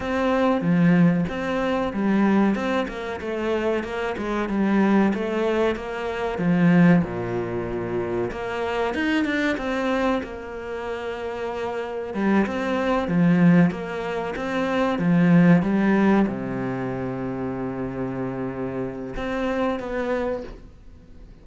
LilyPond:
\new Staff \with { instrumentName = "cello" } { \time 4/4 \tempo 4 = 94 c'4 f4 c'4 g4 | c'8 ais8 a4 ais8 gis8 g4 | a4 ais4 f4 ais,4~ | ais,4 ais4 dis'8 d'8 c'4 |
ais2. g8 c'8~ | c'8 f4 ais4 c'4 f8~ | f8 g4 c2~ c8~ | c2 c'4 b4 | }